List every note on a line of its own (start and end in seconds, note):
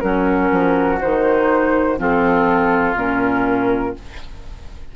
0.00 0.51 F#3
0.00 1.00 C#4
0.00 1.99 F#4
0.00 0.98 A#4
0.51 1.00 F3
1.01 1.99 D#3
1.01 1.98 D#4
1.01 1.99 C5
1.98 2.95 F3
1.98 2.96 C4
1.98 3.96 F4
1.98 2.98 A4
2.95 3.93 A#2
2.95 3.95 C#4
2.95 3.96 A#4